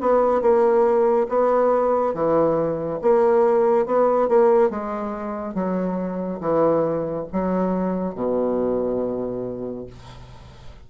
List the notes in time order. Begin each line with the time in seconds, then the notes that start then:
0.00 B3
0.41 A#3
1.29 B3
2.14 E3
3.02 A#3
3.86 B3
4.28 A#3
4.69 G#3
5.54 F#3
6.40 E3
7.32 F#3
8.15 B2